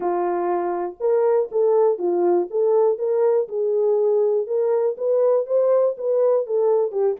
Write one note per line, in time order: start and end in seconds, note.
0.00 0.95 F4
1.00 1.49 A#4
1.51 1.98 A4
1.98 2.47 F4
2.50 2.98 A4
2.98 3.48 A#4
3.48 4.46 G#4
4.46 4.96 A#4
4.97 5.46 B4
5.46 5.96 C5
5.97 6.46 B4
6.46 6.91 A4
6.91 7.16 G4